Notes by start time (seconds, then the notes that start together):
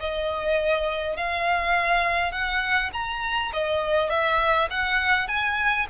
0.00 D#5
1.17 F5
2.32 F#5
2.93 A#5
3.53 D#5
4.10 E5
4.71 F#5
5.28 G#5